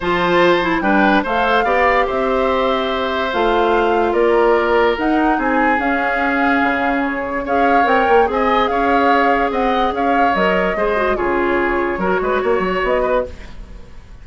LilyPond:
<<
  \new Staff \with { instrumentName = "flute" } { \time 4/4 \tempo 4 = 145 a''2 g''4 f''4~ | f''4 e''2. | f''2 d''2 | fis''4 gis''4 f''2~ |
f''4 cis''4 f''4 g''4 | gis''4 f''2 fis''4 | f''4 dis''2 cis''4~ | cis''2. dis''4 | }
  \new Staff \with { instrumentName = "oboe" } { \time 4/4 c''2 b'4 c''4 | d''4 c''2.~ | c''2 ais'2~ | ais'4 gis'2.~ |
gis'2 cis''2 | dis''4 cis''2 dis''4 | cis''2 c''4 gis'4~ | gis'4 ais'8 b'8 cis''4. b'8 | }
  \new Staff \with { instrumentName = "clarinet" } { \time 4/4 f'4. e'8 d'4 a'4 | g'1 | f'1 | dis'2 cis'2~ |
cis'2 gis'4 ais'4 | gis'1~ | gis'4 ais'4 gis'8 fis'8 f'4~ | f'4 fis'2. | }
  \new Staff \with { instrumentName = "bassoon" } { \time 4/4 f2 g4 a4 | b4 c'2. | a2 ais2 | dis'4 c'4 cis'2 |
cis2 cis'4 c'8 ais8 | c'4 cis'2 c'4 | cis'4 fis4 gis4 cis4~ | cis4 fis8 gis8 ais8 fis8 b4 | }
>>